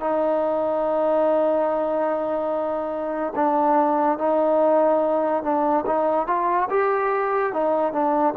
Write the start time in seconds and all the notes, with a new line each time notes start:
0.00 D#4
3.35 D4
4.18 D#4
5.43 D4
5.86 D#4
6.27 F4
6.70 G4
7.53 D#4
7.92 D4